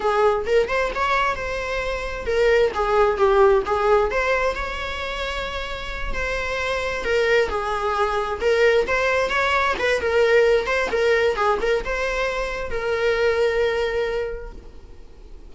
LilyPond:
\new Staff \with { instrumentName = "viola" } { \time 4/4 \tempo 4 = 132 gis'4 ais'8 c''8 cis''4 c''4~ | c''4 ais'4 gis'4 g'4 | gis'4 c''4 cis''2~ | cis''4. c''2 ais'8~ |
ais'8 gis'2 ais'4 c''8~ | c''8 cis''4 b'8 ais'4. c''8 | ais'4 gis'8 ais'8 c''2 | ais'1 | }